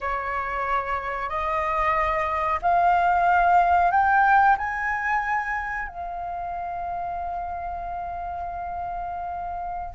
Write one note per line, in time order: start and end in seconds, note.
0.01 1.29 C#5
1.29 2.59 D#5
2.62 3.91 F5
3.91 4.56 G5
4.57 5.88 G#5
5.88 9.94 F5